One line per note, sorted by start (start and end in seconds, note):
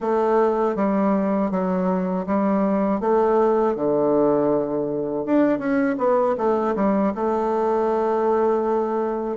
0.00 0.75 A3
0.75 1.50 G3
1.50 2.25 F#3
2.26 3.00 G3
3.00 3.75 A3
3.75 5.25 D3
5.25 5.58 D4
5.58 5.96 C#4
5.98 6.35 B3
6.37 6.75 A3
6.75 7.12 G3
7.15 9.36 A3